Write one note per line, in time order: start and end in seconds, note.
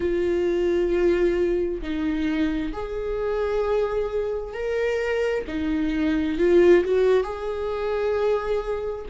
0.00 1.81 F4
1.81 2.72 D#4
2.73 4.53 G#4
4.53 5.44 A#4
5.47 6.38 D#4
6.38 6.83 F4
6.84 7.23 F#4
7.23 9.05 G#4